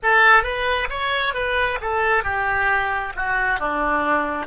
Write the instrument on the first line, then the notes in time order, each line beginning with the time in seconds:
oboe
0.02 A4
0.43 B4
0.89 C#5
1.34 B4
1.81 A4
2.23 G4
3.16 F#4
3.59 D4